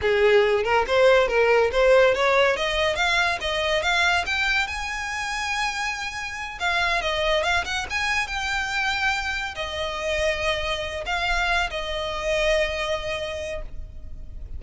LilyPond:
\new Staff \with { instrumentName = "violin" } { \time 4/4 \tempo 4 = 141 gis'4. ais'8 c''4 ais'4 | c''4 cis''4 dis''4 f''4 | dis''4 f''4 g''4 gis''4~ | gis''2.~ gis''8 f''8~ |
f''8 dis''4 f''8 fis''8 gis''4 g''8~ | g''2~ g''8 dis''4.~ | dis''2 f''4. dis''8~ | dis''1 | }